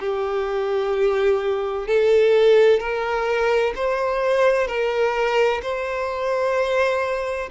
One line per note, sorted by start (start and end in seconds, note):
0.00 1.87 G4
1.87 2.80 A4
2.80 3.74 A#4
3.76 4.68 C5
4.68 5.62 A#4
5.62 7.50 C5